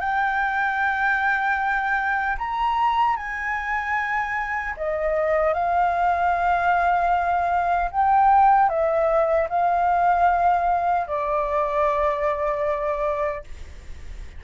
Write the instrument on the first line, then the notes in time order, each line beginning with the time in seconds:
flute
0.00 G5
2.38 A#5
3.16 G#5
4.77 D#5
5.53 F5
7.91 G5
8.69 E5
9.49 F5
11.07 D5